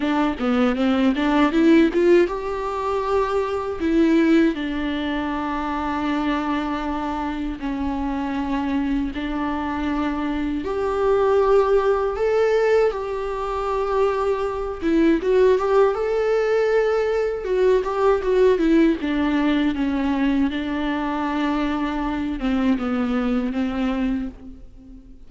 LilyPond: \new Staff \with { instrumentName = "viola" } { \time 4/4 \tempo 4 = 79 d'8 b8 c'8 d'8 e'8 f'8 g'4~ | g'4 e'4 d'2~ | d'2 cis'2 | d'2 g'2 |
a'4 g'2~ g'8 e'8 | fis'8 g'8 a'2 fis'8 g'8 | fis'8 e'8 d'4 cis'4 d'4~ | d'4. c'8 b4 c'4 | }